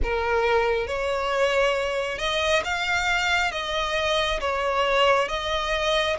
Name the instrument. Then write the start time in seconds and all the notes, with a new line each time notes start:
violin
0.02 A#4
0.87 C#5
2.18 D#5
2.64 F5
3.51 D#5
4.40 C#5
5.28 D#5